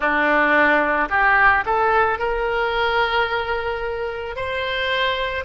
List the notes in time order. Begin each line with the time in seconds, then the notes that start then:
0.00 D4
1.09 G4
1.65 A4
2.18 A#4
4.36 C5